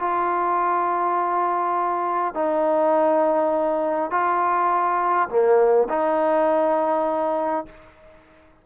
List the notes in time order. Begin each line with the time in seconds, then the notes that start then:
0.00 F4
2.34 D#4
4.11 F4
5.29 A#3
5.89 D#4